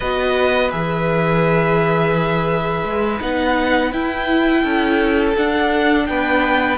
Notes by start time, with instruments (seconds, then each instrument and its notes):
0.00 cello B3, viola F#4, violin B4 D#5
0.70 cello E3, viola G#4, violin E5
2.84 cello G#3
3.20 cello B3, viola D#4, violin F#5
3.91 viola E4, cello E4, violin G5
4.62 cello C#4, violin A4
5.36 cello D4, viola D4, violin F#5
6.06 cello B3, violin B4 G5